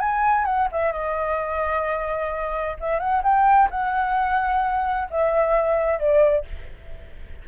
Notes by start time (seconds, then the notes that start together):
0.00 G#5
0.45 F#5
0.72 E5
0.93 D#5
2.80 E5
3.00 F#5
3.23 G5
3.71 F#5
5.10 E5
5.99 D5